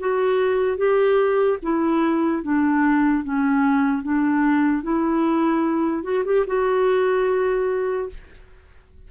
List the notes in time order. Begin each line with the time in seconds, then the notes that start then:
0.00 F#4
0.77 G4
1.63 E4
2.43 D4
3.24 C#4
4.03 D4
4.83 E4
6.04 F#4
6.25 G4
6.47 F#4